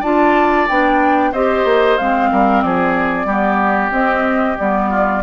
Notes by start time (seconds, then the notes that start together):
0.00 D4 F4 D5 A5
0.68 B3 D4 G5
1.31 C4 G4 C5 D#5
1.64 A#3
1.97 G#3 C4 F5
2.31 G3 A#4
2.61 F3 G#4 D5
3.24 G3 B3 G4
3.91 C4 D#5
4.58 G3 B3 D5
4.89 F4